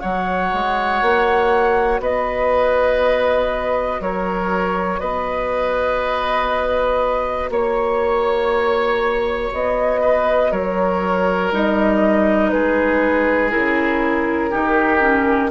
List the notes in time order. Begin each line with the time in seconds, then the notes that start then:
0.00 F#3 F#4 C#5 F#5
0.54 G#3
1.02 A#3
2.00 B3 B4 D#5
4.00 F#3 A#4 C#5
5.00 B3 B4 D#5
7.50 A#3 C#5
9.53 B3 D#5
10.01 B4
10.51 F#3 A#4 C#5
11.52 G3 D#4 D#5
12.50 G#3 G#4 B4
13.50 C#3 E4 A#4
14.50 D#3 D#4 G4
15.00 C#4